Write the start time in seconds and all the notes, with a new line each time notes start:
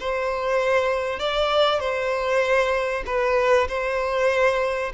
0.00 C5
1.19 D5
1.80 C5
3.06 B4
3.68 C5